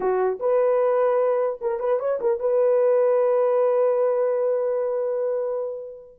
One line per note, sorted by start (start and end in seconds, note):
0.00 0.39 F#4
0.39 1.59 B4
1.61 1.79 A#4
1.79 1.99 B4
1.99 2.19 C#5
2.21 2.39 A#4
2.39 6.19 B4